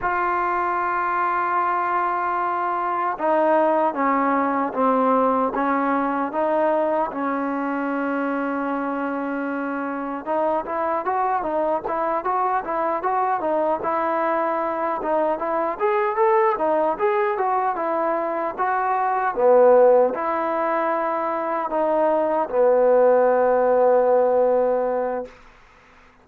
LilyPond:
\new Staff \with { instrumentName = "trombone" } { \time 4/4 \tempo 4 = 76 f'1 | dis'4 cis'4 c'4 cis'4 | dis'4 cis'2.~ | cis'4 dis'8 e'8 fis'8 dis'8 e'8 fis'8 |
e'8 fis'8 dis'8 e'4. dis'8 e'8 | gis'8 a'8 dis'8 gis'8 fis'8 e'4 fis'8~ | fis'8 b4 e'2 dis'8~ | dis'8 b2.~ b8 | }